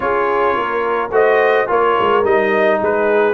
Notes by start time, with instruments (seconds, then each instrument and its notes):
0.00 tuba C#4, trombone F4, horn G#4, trumpet C#5
0.55 tuba A#3, horn A#4
1.10 tuba A3, trombone F#4, horn C5, trumpet D#5
1.67 tuba A#3, trombone F4, horn A#4, trumpet C#5
2.00 tuba G#3
2.23 tuba G3, trombone D#4, trumpet D#5
2.80 tuba G#3, horn G#4, trumpet B4